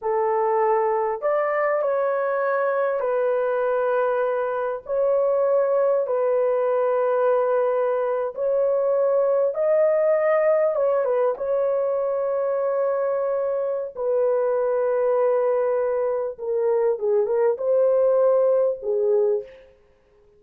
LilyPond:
\new Staff \with { instrumentName = "horn" } { \time 4/4 \tempo 4 = 99 a'2 d''4 cis''4~ | cis''4 b'2. | cis''2 b'2~ | b'4.~ b'16 cis''2 dis''16~ |
dis''4.~ dis''16 cis''8 b'8 cis''4~ cis''16~ | cis''2. b'4~ | b'2. ais'4 | gis'8 ais'8 c''2 gis'4 | }